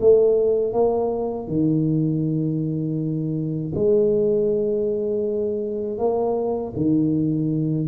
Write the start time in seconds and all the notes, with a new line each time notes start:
0.00 A3
0.73 A#3
1.47 D#3
3.74 G#3
5.98 A#3
6.75 D#3